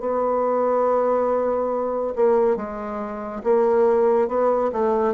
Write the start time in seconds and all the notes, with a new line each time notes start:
0.00 B3
2.16 A#3
2.56 G#3
3.43 A#3
4.28 B3
4.73 A3